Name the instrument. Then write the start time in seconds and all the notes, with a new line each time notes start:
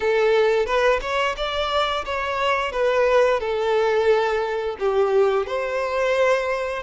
violin
0.00 A4
0.65 B4
1.01 C#5
1.36 D5
2.05 C#5
2.72 B4
3.40 A4
4.79 G4
5.46 C5